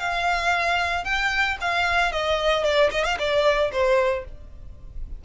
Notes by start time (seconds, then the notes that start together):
0.00 F5
1.05 G5
1.61 F5
2.12 D#5
2.65 D5
2.92 D#5
3.05 F5
3.19 D5
3.72 C5